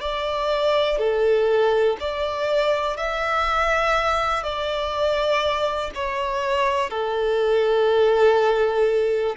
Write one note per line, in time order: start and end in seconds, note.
0.00 0.98 D5
0.98 1.96 A4
1.99 2.96 D5
2.96 4.43 E5
4.43 5.91 D5
5.95 6.90 C#5
6.90 9.36 A4